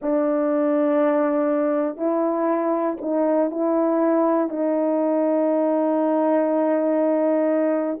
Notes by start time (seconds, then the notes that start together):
0.01 D4
1.96 E4
3.01 D#4
3.50 E4
4.49 D#4